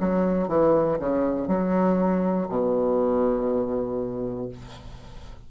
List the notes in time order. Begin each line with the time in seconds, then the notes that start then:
0.00 F#3
0.49 E3
0.99 C#3
1.48 F#3
2.49 B2